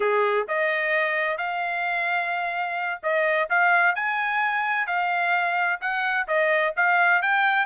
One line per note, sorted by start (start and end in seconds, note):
0.00 0.47 G#4
0.48 1.37 D#5
1.37 3.00 F5
3.02 3.49 D#5
3.49 3.95 F5
3.95 4.86 G#5
4.86 5.79 F5
5.80 6.27 F#5
6.27 6.74 D#5
6.76 7.22 F5
7.22 7.65 G5